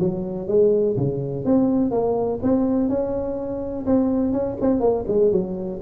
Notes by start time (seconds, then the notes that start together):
0.00 F#3
0.48 G#3
0.97 C#3
1.45 C4
1.91 A#3
2.43 C4
2.89 C#4
3.86 C4
4.33 C#4
4.61 C4
4.81 A#3
5.08 G#3
5.32 F#3